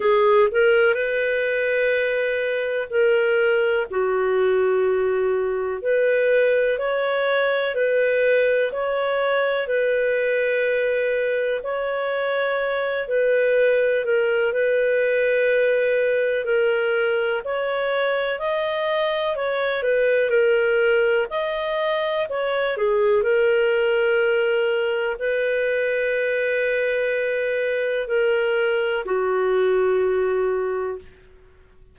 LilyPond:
\new Staff \with { instrumentName = "clarinet" } { \time 4/4 \tempo 4 = 62 gis'8 ais'8 b'2 ais'4 | fis'2 b'4 cis''4 | b'4 cis''4 b'2 | cis''4. b'4 ais'8 b'4~ |
b'4 ais'4 cis''4 dis''4 | cis''8 b'8 ais'4 dis''4 cis''8 gis'8 | ais'2 b'2~ | b'4 ais'4 fis'2 | }